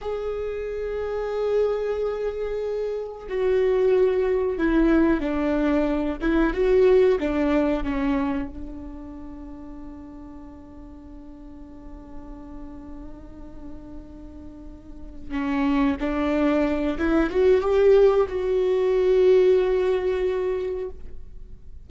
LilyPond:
\new Staff \with { instrumentName = "viola" } { \time 4/4 \tempo 4 = 92 gis'1~ | gis'4 fis'2 e'4 | d'4. e'8 fis'4 d'4 | cis'4 d'2.~ |
d'1~ | d'2.~ d'8 cis'8~ | cis'8 d'4. e'8 fis'8 g'4 | fis'1 | }